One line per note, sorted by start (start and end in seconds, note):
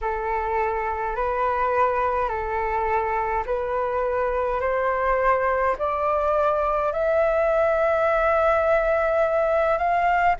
0.01 1.15 A4
1.15 2.28 B4
2.28 3.44 A4
3.46 4.60 B4
4.60 5.75 C5
5.78 6.92 D5
6.92 9.78 E5
9.78 10.35 F5